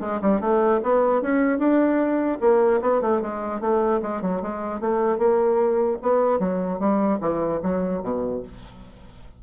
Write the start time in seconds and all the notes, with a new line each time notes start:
0.00 G#3
0.21 G3
0.41 A3
0.83 B3
1.22 C#4
1.58 D4
2.40 A#3
2.81 B3
3.01 A3
3.21 G#3
3.61 A3
4.02 G#3
4.22 F#3
4.42 G#3
4.80 A3
5.18 A#3
6.02 B3
6.39 F#3
6.79 G3
7.20 E3
7.63 F#3
8.02 B2